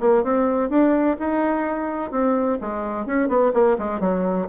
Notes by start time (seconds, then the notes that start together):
0.00 A#3
0.24 C4
0.70 D4
1.20 D#4
2.12 C4
2.61 G#3
3.06 C#4
3.29 B3
3.54 A#3
3.79 G#3
4.01 F#3